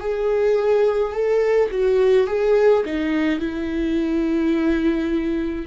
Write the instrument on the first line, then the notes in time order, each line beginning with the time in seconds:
viola
0.00 G#4
1.13 A4
1.71 F#4
2.26 G#4
2.86 D#4
3.39 E4